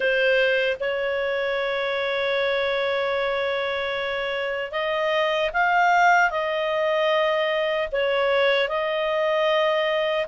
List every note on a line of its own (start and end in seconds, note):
0.00 0.77 C5
0.80 4.71 C#5
4.71 5.50 D#5
5.53 6.30 F5
6.30 7.88 D#5
7.92 8.68 C#5
8.68 10.26 D#5